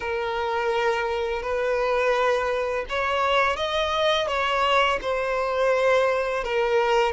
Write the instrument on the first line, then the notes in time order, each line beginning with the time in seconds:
violin
0.00 A#4
1.42 B4
2.89 C#5
3.56 D#5
4.27 C#5
5.01 C5
6.44 A#4